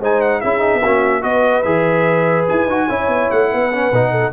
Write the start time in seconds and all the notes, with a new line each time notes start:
0.00 G#3 D#4 C5 G#5
0.21 F#5
0.40 C#4 E4 G#4 E5
0.59 D#4
0.73 B3
0.81 A#3 C#4 F#4
1.21 B3 F#4 B4 D#5
1.62 E3 G#4 E5
2.48 E4 G#5
2.66 D#4 F#4
2.88 C#4 E4 C#5
3.07 B3
3.30 A3 F#5
3.51 B3 B4
3.72 C#4
3.91 B2 D#4
4.11 A4